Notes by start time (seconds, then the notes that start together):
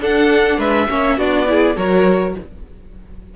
0.00 D4 A4 F#5
0.58 G#3 B4 E5
0.89 A#3 C#4 C#5
1.17 B3 D4 F#4 D5
1.46 E4 G#4
1.76 F#3 F#4 A#4 C#5